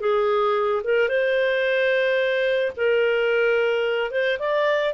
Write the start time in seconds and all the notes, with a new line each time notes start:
0.00 G#4
0.84 A#4
1.09 C5
2.76 A#4
4.11 C5
4.39 D5